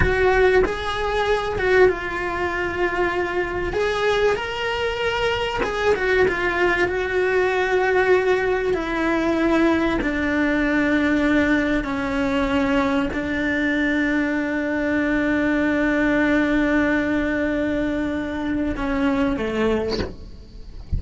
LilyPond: \new Staff \with { instrumentName = "cello" } { \time 4/4 \tempo 4 = 96 fis'4 gis'4. fis'8 f'4~ | f'2 gis'4 ais'4~ | ais'4 gis'8 fis'8 f'4 fis'4~ | fis'2 e'2 |
d'2. cis'4~ | cis'4 d'2.~ | d'1~ | d'2 cis'4 a4 | }